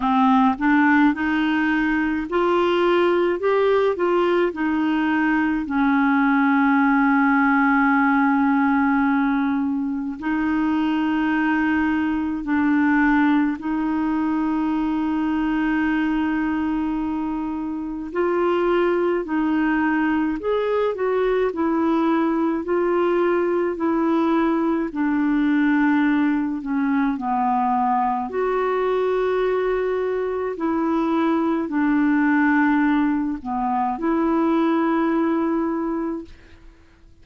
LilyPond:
\new Staff \with { instrumentName = "clarinet" } { \time 4/4 \tempo 4 = 53 c'8 d'8 dis'4 f'4 g'8 f'8 | dis'4 cis'2.~ | cis'4 dis'2 d'4 | dis'1 |
f'4 dis'4 gis'8 fis'8 e'4 | f'4 e'4 d'4. cis'8 | b4 fis'2 e'4 | d'4. b8 e'2 | }